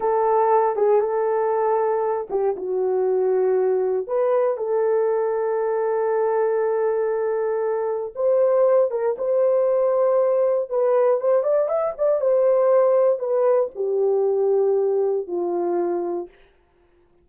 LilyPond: \new Staff \with { instrumentName = "horn" } { \time 4/4 \tempo 4 = 118 a'4. gis'8 a'2~ | a'8 g'8 fis'2. | b'4 a'2.~ | a'1 |
c''4. ais'8 c''2~ | c''4 b'4 c''8 d''8 e''8 d''8 | c''2 b'4 g'4~ | g'2 f'2 | }